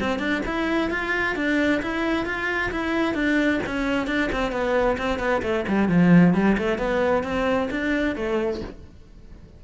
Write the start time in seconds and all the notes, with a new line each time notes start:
0.00 C4
0.19 D4
0.46 E4
0.90 F4
1.36 D4
1.82 E4
2.26 F4
2.71 E4
3.14 D4
3.66 C#4
4.07 D4
4.32 C4
4.52 B3
4.98 C4
5.19 B3
5.42 A3
5.68 G3
5.89 F3
6.34 G3
6.58 A3
6.78 B3
7.24 C4
7.70 D4
8.16 A3